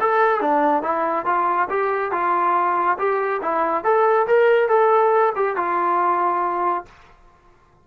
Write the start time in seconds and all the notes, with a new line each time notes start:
0.00 A4
0.41 D4
0.83 E4
1.25 F4
1.69 G4
2.12 F4
2.98 G4
3.42 E4
3.84 A4
4.27 A#4
4.68 A4
5.35 G4
5.56 F4